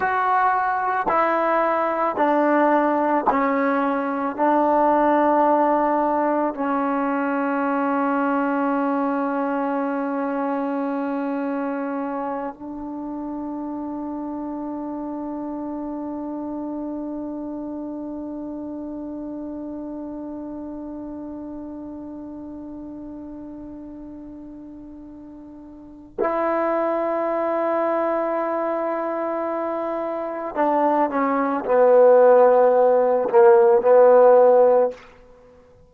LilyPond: \new Staff \with { instrumentName = "trombone" } { \time 4/4 \tempo 4 = 55 fis'4 e'4 d'4 cis'4 | d'2 cis'2~ | cis'2.~ cis'8 d'8~ | d'1~ |
d'1~ | d'1 | e'1 | d'8 cis'8 b4. ais8 b4 | }